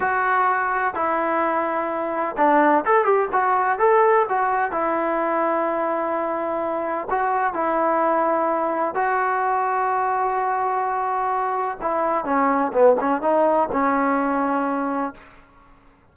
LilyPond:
\new Staff \with { instrumentName = "trombone" } { \time 4/4 \tempo 4 = 127 fis'2 e'2~ | e'4 d'4 a'8 g'8 fis'4 | a'4 fis'4 e'2~ | e'2. fis'4 |
e'2. fis'4~ | fis'1~ | fis'4 e'4 cis'4 b8 cis'8 | dis'4 cis'2. | }